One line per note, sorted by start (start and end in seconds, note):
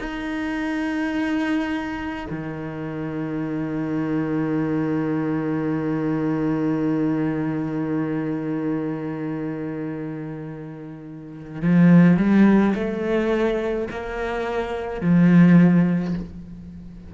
0.00 2.26 D#4
2.31 11.62 D#3
11.62 12.17 F3
12.17 12.74 G3
12.75 13.88 A3
13.91 15.01 A#3
15.01 16.14 F3